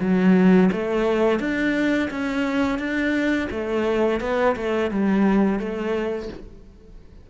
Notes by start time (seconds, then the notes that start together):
0.00 F#3
0.72 A3
1.40 D4
2.10 C#4
2.78 D4
3.51 A3
4.21 B3
4.56 A3
4.91 G3
5.59 A3